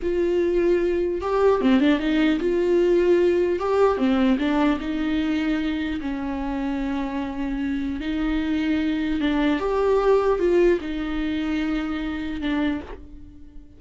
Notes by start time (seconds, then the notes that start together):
0.02 F4
1.21 G4
1.61 C4
1.80 D4
1.99 D#4
2.39 F4
3.59 G4
3.97 C4
4.38 D4
4.80 D#4
6.00 C#4
8.00 D#4
9.20 D4
9.59 G4
10.39 F4
10.81 D#4
12.41 D4